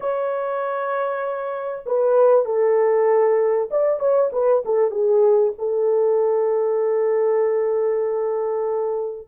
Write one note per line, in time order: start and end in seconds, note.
0.00 1.84 C#5
1.86 2.45 B4
2.45 3.69 A4
3.71 3.99 D5
3.99 4.30 C#5
4.32 4.63 B4
4.65 4.91 A4
4.91 5.52 G#4
5.58 9.28 A4